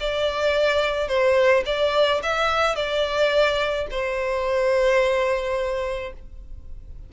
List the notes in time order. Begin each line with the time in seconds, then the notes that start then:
0.00 D5
1.08 C5
1.66 D5
2.23 E5
2.76 D5
3.91 C5